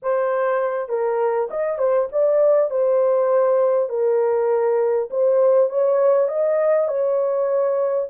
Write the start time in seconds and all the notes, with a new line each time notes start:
0.02 C5
0.88 A#4
1.50 D#5
1.78 C5
2.12 D5
2.70 C5
3.89 A#4
5.10 C5
5.69 C#5
6.28 D#5
6.88 C#5